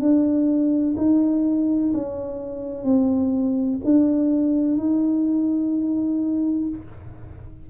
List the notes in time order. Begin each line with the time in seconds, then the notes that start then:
0.00 D4
0.97 D#4
1.94 C#4
2.84 C4
3.84 D4
4.77 D#4